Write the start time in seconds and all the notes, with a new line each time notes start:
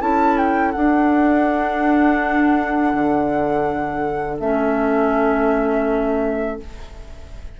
0.00 C#4 E4 A4 A5
0.37 G5
0.71 D4 F#5
2.93 D3
4.40 A3 C#4 E5